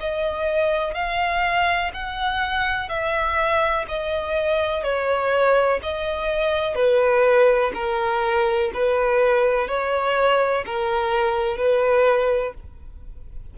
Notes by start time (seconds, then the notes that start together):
0.00 D#5
0.94 F5
1.94 F#5
2.89 E5
3.88 D#5
4.83 C#5
5.82 D#5
6.75 B4
7.74 A#4
8.74 B4
9.68 C#5
10.66 A#4
11.57 B4